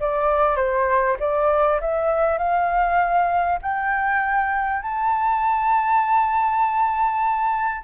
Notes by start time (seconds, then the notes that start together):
0.00 D5
0.56 C5
1.20 D5
1.81 E5
2.38 F5
3.62 G5
4.82 A5